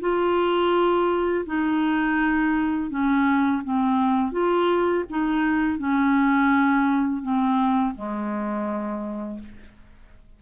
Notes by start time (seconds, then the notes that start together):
0.00 F4
1.46 D#4
2.90 C#4
3.64 C4
4.32 F4
5.10 D#4
5.78 C#4
7.22 C4
7.95 G#3